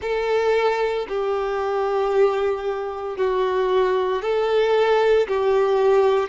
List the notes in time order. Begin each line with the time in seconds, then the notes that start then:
0.01 A4
1.08 G4
3.17 F#4
4.22 A4
5.27 G4